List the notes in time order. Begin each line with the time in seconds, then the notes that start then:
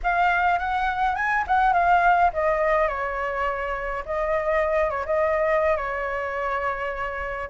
0.03 F5
0.58 F#5
1.15 G#5
1.47 F#5
1.73 F5
2.33 D#5
2.88 C#5
4.05 D#5
4.90 C#5
5.05 D#5
5.76 C#5